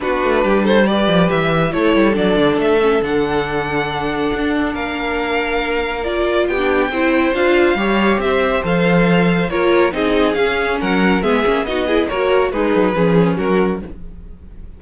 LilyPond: <<
  \new Staff \with { instrumentName = "violin" } { \time 4/4 \tempo 4 = 139 b'4. c''8 d''4 e''4 | cis''4 d''4 e''4 fis''4~ | fis''2. f''4~ | f''2 d''4 g''4~ |
g''4 f''2 e''4 | f''2 cis''4 dis''4 | f''4 fis''4 e''4 dis''4 | cis''4 b'2 ais'4 | }
  \new Staff \with { instrumentName = "violin" } { \time 4/4 fis'4 g'8 a'8 b'2 | a'1~ | a'2. ais'4~ | ais'2. g'4 |
c''2 cis''4 c''4~ | c''2 ais'4 gis'4~ | gis'4 ais'4 gis'4 fis'8 gis'8 | ais'4 dis'4 gis'4 fis'4 | }
  \new Staff \with { instrumentName = "viola" } { \time 4/4 d'2 g'2 | e'4 d'4. cis'8 d'4~ | d'1~ | d'2 f'4~ f'16 d'8. |
e'4 f'4 g'2 | a'2 f'4 dis'4 | cis'2 b8 cis'8 dis'8 e'8 | fis'4 gis'4 cis'2 | }
  \new Staff \with { instrumentName = "cello" } { \time 4/4 b8 a8 g4. f8 e4 | a8 g8 fis8 d8 a4 d4~ | d2 d'4 ais4~ | ais2. b4 |
c'4 d'4 g4 c'4 | f2 ais4 c'4 | cis'4 fis4 gis8 ais8 b4 | ais4 gis8 fis8 f4 fis4 | }
>>